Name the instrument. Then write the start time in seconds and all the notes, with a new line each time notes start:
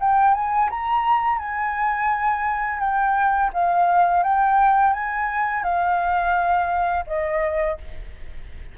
flute
0.00 G5
0.34 G#5
0.70 A#5
1.38 G#5
2.80 G5
3.53 F5
4.23 G5
4.93 G#5
5.63 F5
7.07 D#5